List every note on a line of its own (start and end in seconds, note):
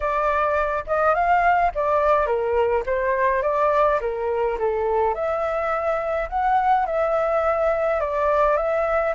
0.00 0.84 D5
0.86 1.14 D#5
1.14 1.71 F5
1.75 2.26 D5
2.26 2.83 A#4
2.85 3.42 C5
3.42 3.99 D5
4.01 4.58 A#4
4.58 5.14 A4
5.14 6.28 E5
6.29 6.86 F#5
6.86 8.00 E5
8.00 8.56 D5
8.56 9.14 E5